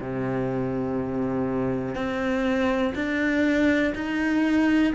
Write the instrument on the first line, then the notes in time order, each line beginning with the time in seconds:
cello
0.00 C3
1.94 C4
2.95 D4
3.95 D#4